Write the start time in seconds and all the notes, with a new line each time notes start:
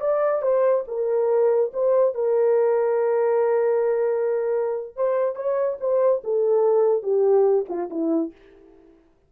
0.00 D5
0.42 C5
0.87 A#4
1.73 C5
2.14 A#4
4.95 C5
5.35 C#5
5.80 C5
6.23 A4
7.02 G4
7.68 F4
7.90 E4